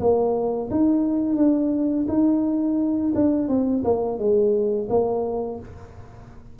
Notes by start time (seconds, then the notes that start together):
0.00 A#3
0.71 D#4
1.36 D4
2.09 D#4
3.15 D4
3.49 C4
3.84 A#3
4.19 G#3
4.90 A#3